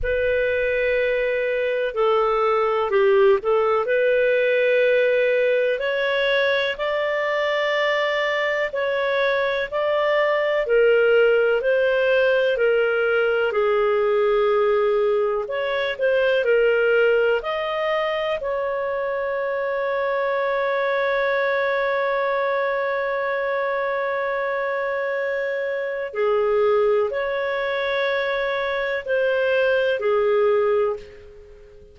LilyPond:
\new Staff \with { instrumentName = "clarinet" } { \time 4/4 \tempo 4 = 62 b'2 a'4 g'8 a'8 | b'2 cis''4 d''4~ | d''4 cis''4 d''4 ais'4 | c''4 ais'4 gis'2 |
cis''8 c''8 ais'4 dis''4 cis''4~ | cis''1~ | cis''2. gis'4 | cis''2 c''4 gis'4 | }